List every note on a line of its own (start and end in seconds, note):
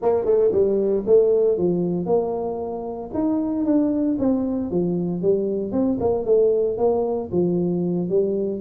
0.01 0.25 A#3
0.25 0.51 A3
0.51 1.04 G3
1.06 1.57 A3
1.57 2.06 F3
2.06 3.10 A#3
3.14 3.65 D#4
3.65 4.17 D4
4.19 4.71 C4
4.71 5.22 F3
5.22 5.72 G3
5.72 5.98 C4
6.00 6.25 A#3
6.25 6.77 A3
6.77 7.29 A#3
7.31 8.09 F3
8.09 8.60 G3